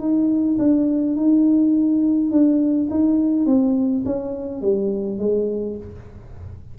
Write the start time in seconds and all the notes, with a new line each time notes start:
0.00 D#4
0.59 D4
1.17 D#4
2.31 D4
2.91 D#4
3.46 C4
4.06 C#4
4.62 G3
5.19 G#3